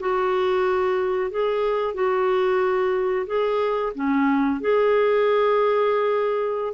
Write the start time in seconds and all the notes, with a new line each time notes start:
0.00 F#4
1.31 G#4
1.94 F#4
3.27 G#4
3.95 C#4
4.61 G#4